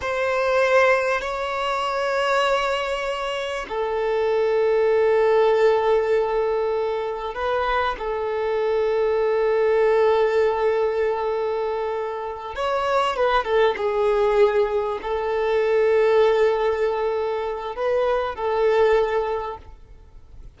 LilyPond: \new Staff \with { instrumentName = "violin" } { \time 4/4 \tempo 4 = 98 c''2 cis''2~ | cis''2 a'2~ | a'1 | b'4 a'2.~ |
a'1~ | a'8 cis''4 b'8 a'8 gis'4.~ | gis'8 a'2.~ a'8~ | a'4 b'4 a'2 | }